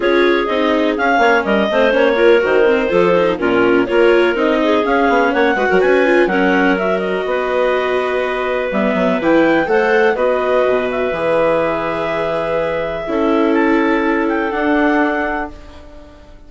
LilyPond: <<
  \new Staff \with { instrumentName = "clarinet" } { \time 4/4 \tempo 4 = 124 cis''4 dis''4 f''4 dis''4 | cis''4 c''2 ais'4 | cis''4 dis''4 f''4 fis''4 | gis''4 fis''4 e''8 dis''4.~ |
dis''2 e''4 g''4 | fis''4 dis''4. e''4.~ | e''1 | a''4. g''8 fis''2 | }
  \new Staff \with { instrumentName = "clarinet" } { \time 4/4 gis'2~ gis'8 cis''8 ais'8 c''8~ | c''8 ais'4. a'4 f'4 | ais'4. gis'4. cis''8 b'16 ais'16 | b'4 ais'2 b'4~ |
b'1 | c''4 b'2.~ | b'2. a'4~ | a'1 | }
  \new Staff \with { instrumentName = "viola" } { \time 4/4 f'4 dis'4 cis'4. c'8 | cis'8 f'8 fis'8 c'8 f'8 dis'8 cis'4 | f'4 dis'4 cis'4. fis'8~ | fis'8 f'8 cis'4 fis'2~ |
fis'2 b4 e'4 | a'4 fis'2 gis'4~ | gis'2. e'4~ | e'2 d'2 | }
  \new Staff \with { instrumentName = "bassoon" } { \time 4/4 cis'4 c'4 cis'8 ais8 g8 a8 | ais4 dis4 f4 ais,4 | ais4 c'4 cis'8 b8 ais8 gis16 fis16 | cis'4 fis2 b4~ |
b2 g8 fis8 e4 | a4 b4 b,4 e4~ | e2. cis'4~ | cis'2 d'2 | }
>>